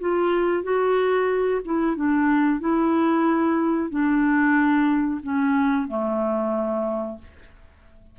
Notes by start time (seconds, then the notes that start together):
0.00 F4
0.63 F#4
1.65 E4
1.96 D4
2.60 E4
3.90 D4
5.23 C#4
5.88 A3